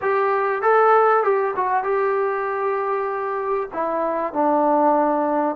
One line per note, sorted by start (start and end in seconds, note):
0.01 0.62 G4
0.62 1.23 A4
1.23 1.54 G4
1.55 1.83 F#4
1.83 3.69 G4
3.73 4.33 E4
4.33 5.56 D4